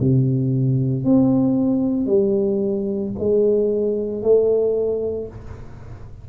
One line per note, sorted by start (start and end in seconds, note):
0.00 1.04 C3
1.04 2.06 C4
2.06 3.11 G3
3.19 4.22 G#3
4.22 5.28 A3